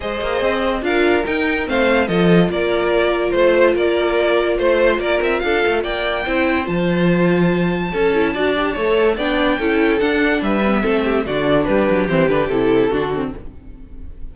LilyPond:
<<
  \new Staff \with { instrumentName = "violin" } { \time 4/4 \tempo 4 = 144 dis''2 f''4 g''4 | f''4 dis''4 d''2 | c''4 d''2 c''4 | d''8 e''8 f''4 g''2 |
a''1~ | a''2 g''2 | fis''4 e''2 d''4 | b'4 c''8 b'8 a'2 | }
  \new Staff \with { instrumentName = "violin" } { \time 4/4 c''2 ais'2 | c''4 a'4 ais'2 | c''4 ais'2 c''4 | ais'4 a'4 d''4 c''4~ |
c''2. a'4 | d''4 cis''4 d''4 a'4~ | a'4 b'4 a'8 g'8 fis'4 | g'2. fis'4 | }
  \new Staff \with { instrumentName = "viola" } { \time 4/4 gis'2 f'4 dis'4 | c'4 f'2.~ | f'1~ | f'2. e'4 |
f'2. a'8 e'8 | fis'8 g'8 a'4 d'4 e'4 | d'4. c'16 b16 c'4 d'4~ | d'4 c'8 d'8 e'4 d'8 c'8 | }
  \new Staff \with { instrumentName = "cello" } { \time 4/4 gis8 ais8 c'4 d'4 dis'4 | a4 f4 ais2 | a4 ais2 a4 | ais8 c'8 d'8 a8 ais4 c'4 |
f2. cis'4 | d'4 a4 b4 cis'4 | d'4 g4 a4 d4 | g8 fis8 e8 d8 c4 d4 | }
>>